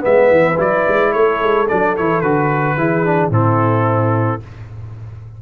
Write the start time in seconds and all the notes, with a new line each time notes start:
0.00 G#3 B3 B4 E5
0.30 E3
0.57 F#3 E4 D5
0.87 G#3
1.12 A3 A4 C#5
1.41 G#3
1.68 F#3 D4 D5
1.96 E3 E4 C#5
2.20 D3 F#4 B4
2.76 E3 E4 G#4
3.04 D4
3.29 A2 C4 E4 A4